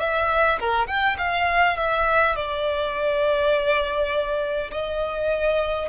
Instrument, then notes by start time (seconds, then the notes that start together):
violin
0.00 E5
0.60 A#4
0.87 G5
1.18 F5
1.77 E5
2.36 D5
4.72 D#5